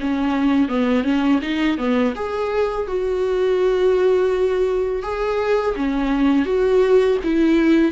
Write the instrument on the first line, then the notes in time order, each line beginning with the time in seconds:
viola
0.00 C#4
0.68 B3
1.04 C#4
1.42 D#4
1.77 B3
2.15 G#4
2.87 F#4
5.02 G#4
5.76 C#4
6.45 F#4
7.24 E4